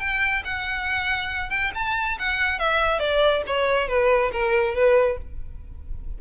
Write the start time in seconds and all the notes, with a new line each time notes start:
0.00 G5
0.45 F#5
1.50 G5
1.75 A5
2.19 F#5
2.59 E5
3.00 D5
3.47 C#5
3.88 B4
4.32 A#4
4.75 B4